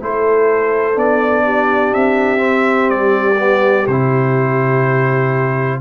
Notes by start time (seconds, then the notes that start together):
0.00 A3 E4 A4 C5
0.94 B3 D4 D5
1.45 G4
1.94 C4 E5
2.37 C4
2.90 G3 D5
3.38 B3
3.87 C3 E4 C5